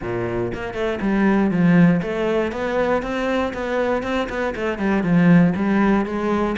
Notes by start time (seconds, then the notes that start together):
0.02 A#2
0.53 A#3
0.74 A3
1.01 G3
1.50 F3
2.01 A3
2.51 B3
3.02 C4
3.53 B3
4.02 C4
4.29 B3
4.55 A3
4.78 G3
5.03 F3
5.56 G3
6.05 G#3